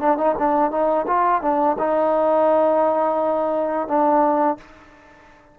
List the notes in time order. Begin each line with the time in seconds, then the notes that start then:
0.00 D4
0.18 D#4
0.38 D4
0.71 D#4
1.07 F4
1.42 D4
1.79 D#4
3.88 D4